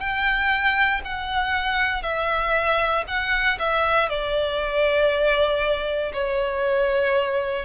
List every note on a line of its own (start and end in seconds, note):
0.00 1.02 G5
1.05 2.03 F#5
2.03 3.05 E5
3.08 3.59 F#5
3.59 4.09 E5
4.09 6.12 D5
6.13 7.65 C#5